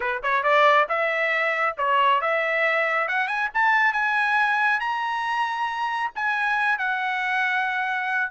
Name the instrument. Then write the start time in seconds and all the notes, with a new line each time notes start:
trumpet
0.00 B4
0.22 C#5
0.43 D5
0.88 E5
1.77 C#5
2.21 E5
3.08 F#5
3.27 G#5
3.54 A5
3.93 G#5
4.80 A#5
6.15 G#5
6.78 F#5